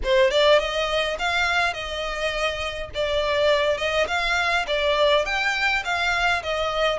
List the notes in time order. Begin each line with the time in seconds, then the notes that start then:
0.03 C5
0.31 D5
0.59 D#5
1.19 F5
1.73 D#5
2.94 D5
3.77 D#5
4.07 F5
4.67 D5
5.25 G5
5.84 F5
6.42 D#5